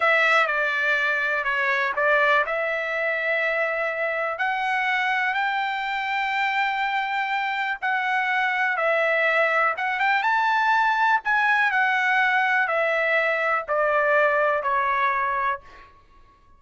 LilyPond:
\new Staff \with { instrumentName = "trumpet" } { \time 4/4 \tempo 4 = 123 e''4 d''2 cis''4 | d''4 e''2.~ | e''4 fis''2 g''4~ | g''1 |
fis''2 e''2 | fis''8 g''8 a''2 gis''4 | fis''2 e''2 | d''2 cis''2 | }